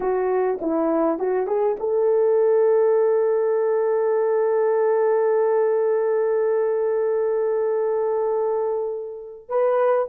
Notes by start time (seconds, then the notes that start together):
0.00 F#4
0.61 E4
1.18 F#4
1.46 G#4
1.79 A4
9.48 B4